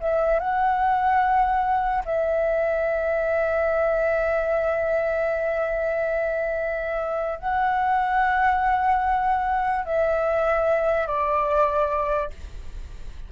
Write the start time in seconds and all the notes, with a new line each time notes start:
0.00 E5
0.39 F#5
2.05 E5
7.39 F#5
9.85 E5
11.07 D5